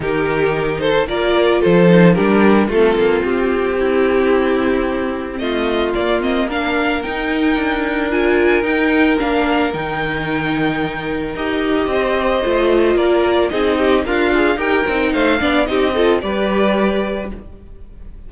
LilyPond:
<<
  \new Staff \with { instrumentName = "violin" } { \time 4/4 \tempo 4 = 111 ais'4. c''8 d''4 c''4 | ais'4 a'4 g'2~ | g'2 dis''4 d''8 dis''8 | f''4 g''2 gis''4 |
g''4 f''4 g''2~ | g''4 dis''2. | d''4 dis''4 f''4 g''4 | f''4 dis''4 d''2 | }
  \new Staff \with { instrumentName = "violin" } { \time 4/4 g'4. a'8 ais'4 a'4 | g'4 f'2 e'4~ | e'2 f'2 | ais'1~ |
ais'1~ | ais'2 c''2 | ais'4 gis'8 g'8 f'4 ais'4 | c''8 d''8 g'8 a'8 b'2 | }
  \new Staff \with { instrumentName = "viola" } { \time 4/4 dis'2 f'4. dis'8 | d'4 c'2.~ | c'2. ais8 c'8 | d'4 dis'2 f'4 |
dis'4 d'4 dis'2~ | dis'4 g'2 f'4~ | f'4 dis'4 ais'8 gis'8 g'8 dis'8~ | dis'8 d'8 dis'8 f'8 g'2 | }
  \new Staff \with { instrumentName = "cello" } { \time 4/4 dis2 ais4 f4 | g4 a8 ais8 c'2~ | c'2 a4 ais4~ | ais4 dis'4 d'2 |
dis'4 ais4 dis2~ | dis4 dis'4 c'4 a4 | ais4 c'4 d'4 dis'8 c'8 | a8 b8 c'4 g2 | }
>>